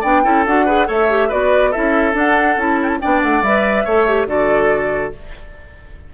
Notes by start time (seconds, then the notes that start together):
0.00 B3 D4 D5 G5
0.23 C#4 E4 A4
0.46 D4 F#4 F#5
0.65 G#4 B4
0.86 A3 A4 C#5 E5
1.09 G4
1.28 B3 F#4 B4 D5
1.70 E4 A4 E5
1.77 C#4
2.13 D4 F#5
2.56 C#4 E4 A5
2.82 G5
2.88 A5
3.00 B3 D4 D5 G5
3.22 A3 F#5
3.42 G3 B4 E5
3.84 A3 A4 C#5
4.08 G4
4.26 D3 F#4 A4 D5